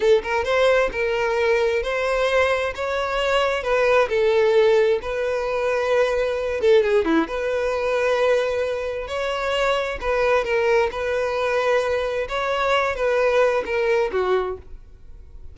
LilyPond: \new Staff \with { instrumentName = "violin" } { \time 4/4 \tempo 4 = 132 a'8 ais'8 c''4 ais'2 | c''2 cis''2 | b'4 a'2 b'4~ | b'2~ b'8 a'8 gis'8 e'8 |
b'1 | cis''2 b'4 ais'4 | b'2. cis''4~ | cis''8 b'4. ais'4 fis'4 | }